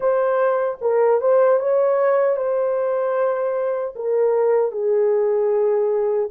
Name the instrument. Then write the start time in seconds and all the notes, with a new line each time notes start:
horn
0.00 C5
0.81 A#4
1.21 C5
1.59 C#5
2.36 C5
3.95 A#4
4.71 G#4